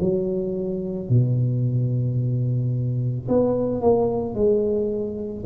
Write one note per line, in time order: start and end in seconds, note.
0.00 1.09 F#3
1.09 3.27 B2
3.28 3.81 B3
3.81 4.34 A#3
4.34 5.43 G#3